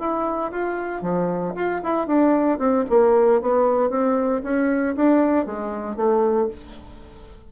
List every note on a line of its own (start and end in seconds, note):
0.00 0.52 E4
0.52 1.02 F4
1.02 1.54 F3
1.56 1.82 F4
1.84 2.08 E4
2.08 2.59 D4
2.59 2.85 C4
2.90 3.42 A#3
3.42 3.91 B3
3.91 4.43 C4
4.43 4.96 C#4
4.96 5.46 D4
5.46 5.97 G#3
5.97 6.49 A3